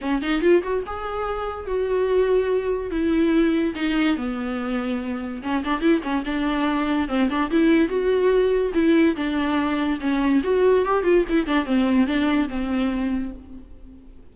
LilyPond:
\new Staff \with { instrumentName = "viola" } { \time 4/4 \tempo 4 = 144 cis'8 dis'8 f'8 fis'8 gis'2 | fis'2. e'4~ | e'4 dis'4 b2~ | b4 cis'8 d'8 e'8 cis'8 d'4~ |
d'4 c'8 d'8 e'4 fis'4~ | fis'4 e'4 d'2 | cis'4 fis'4 g'8 f'8 e'8 d'8 | c'4 d'4 c'2 | }